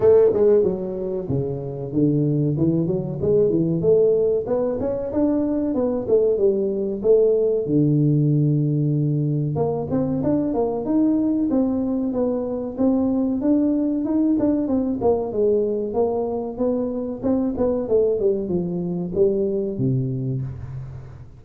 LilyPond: \new Staff \with { instrumentName = "tuba" } { \time 4/4 \tempo 4 = 94 a8 gis8 fis4 cis4 d4 | e8 fis8 gis8 e8 a4 b8 cis'8 | d'4 b8 a8 g4 a4 | d2. ais8 c'8 |
d'8 ais8 dis'4 c'4 b4 | c'4 d'4 dis'8 d'8 c'8 ais8 | gis4 ais4 b4 c'8 b8 | a8 g8 f4 g4 c4 | }